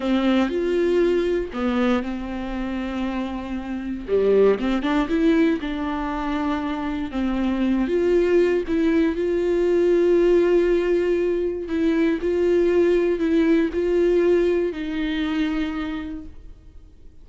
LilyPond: \new Staff \with { instrumentName = "viola" } { \time 4/4 \tempo 4 = 118 c'4 f'2 b4 | c'1 | g4 c'8 d'8 e'4 d'4~ | d'2 c'4. f'8~ |
f'4 e'4 f'2~ | f'2. e'4 | f'2 e'4 f'4~ | f'4 dis'2. | }